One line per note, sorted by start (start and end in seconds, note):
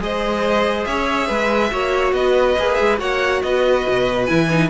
0.00 0.86 G#3
0.00 1.70 G#4
0.00 0.88 C5
0.00 0.85 D#5
0.85 1.29 C#4
0.85 1.28 C#5
0.85 2.13 E5
1.28 1.72 G#3
1.28 1.71 B4
1.72 2.12 A#3
1.72 2.57 F#4
1.72 2.15 C#5
2.12 2.55 B3
2.12 3.00 B4
2.12 2.75 D#5
2.59 2.80 A#3
2.59 2.98 G#4
2.75 3.00 G#3
2.75 2.96 E5
2.98 3.43 A#3
2.98 4.26 F#4
2.98 3.42 C#5
2.98 3.42 F#5
3.42 3.86 B3
3.42 4.70 B4
3.42 4.26 D#5
3.89 4.30 B2
4.26 4.70 E3
4.26 4.49 E4
4.26 4.69 G#5
4.50 4.70 D#4